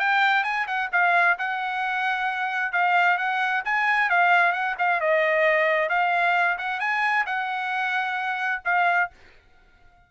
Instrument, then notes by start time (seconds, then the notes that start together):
trumpet
0.00 G5
0.44 G#5
0.67 F#5
0.92 F5
1.39 F#5
2.73 F5
3.18 F#5
3.65 G#5
4.10 F5
4.53 F#5
4.79 F5
5.00 D#5
5.89 F5
6.58 F#5
6.80 G#5
7.26 F#5
8.65 F5